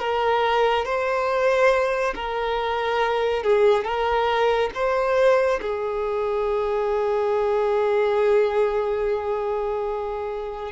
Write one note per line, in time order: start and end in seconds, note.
0.00 0.86 A#4
0.86 2.14 C5
2.15 3.44 A#4
3.44 3.85 G#4
3.85 4.71 A#4
4.75 5.61 C5
5.62 10.73 G#4